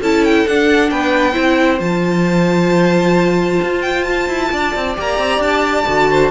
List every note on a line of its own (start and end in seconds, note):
0.00 0.45 C#4
0.00 0.47 E4
0.00 0.90 A4
0.00 0.24 A5
0.24 0.47 G5
0.47 1.33 D4
0.47 0.91 D4
0.47 0.89 F#5
0.89 1.36 B3
0.89 1.31 B4
0.89 1.79 G5
1.31 1.79 C4
1.31 1.77 E4
1.31 4.47 C5
1.77 3.60 F3
1.77 4.93 F4
1.77 3.81 A5
3.62 4.28 F4
3.81 4.03 G5
4.03 4.94 A5
4.28 4.51 E4
4.52 4.74 D4
4.52 6.10 D5
4.75 4.97 C4
4.95 5.18 A#3
4.95 5.85 G4
4.95 5.42 A#5
5.18 5.38 C4
5.38 5.84 D4
5.38 6.31 A5
5.87 6.31 D3
5.87 6.31 F#4
6.10 6.31 C5